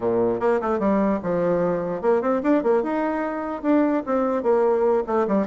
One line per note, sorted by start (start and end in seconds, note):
0.00 0.40 A#2
0.40 0.60 A#3
0.61 0.79 A3
0.79 1.19 G3
1.22 2.01 F3
2.01 2.21 A#3
2.21 2.41 C4
2.42 2.63 D4
2.63 2.82 A#3
2.82 3.62 D#4
3.62 4.02 D4
4.06 4.42 C4
4.42 5.03 A#3
5.06 5.26 A3
5.27 5.46 G3